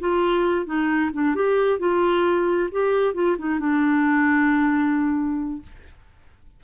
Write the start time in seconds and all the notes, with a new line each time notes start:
0.00 F4
0.66 D#4
1.13 D4
1.35 G4
1.79 F4
2.72 G4
3.15 F4
3.39 D#4
3.59 D4